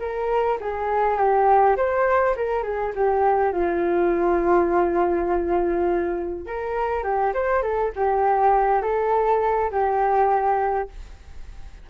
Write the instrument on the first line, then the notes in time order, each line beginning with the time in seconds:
flute
0.00 A#4
0.61 G#4
1.18 G4
1.77 C5
2.37 A#4
2.63 G#4
2.95 G4
3.53 F4
6.47 A#4
7.04 G4
7.34 C5
7.63 A4
7.96 G4
8.83 A4
9.71 G4